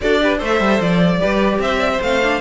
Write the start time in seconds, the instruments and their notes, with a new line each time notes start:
0.01 cello D4, viola F#4, violin A4 D5
0.20 viola G4, violin B4
0.37 cello A3, viola A4, violin C5
0.44 violin E5
0.59 cello G3
0.80 cello F3, violin D5
1.18 cello G3, viola G4, violin B4
1.58 cello C4, violin C5 E5
1.79 violin D5
1.92 violin C5
2.01 cello A3, viola C4, violin F5
2.22 viola D4